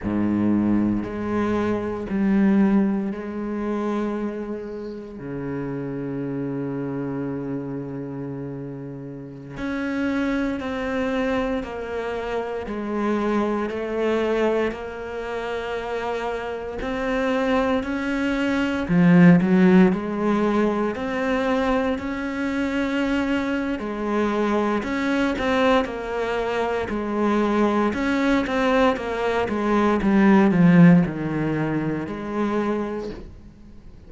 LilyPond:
\new Staff \with { instrumentName = "cello" } { \time 4/4 \tempo 4 = 58 gis,4 gis4 g4 gis4~ | gis4 cis2.~ | cis4~ cis16 cis'4 c'4 ais8.~ | ais16 gis4 a4 ais4.~ ais16~ |
ais16 c'4 cis'4 f8 fis8 gis8.~ | gis16 c'4 cis'4.~ cis'16 gis4 | cis'8 c'8 ais4 gis4 cis'8 c'8 | ais8 gis8 g8 f8 dis4 gis4 | }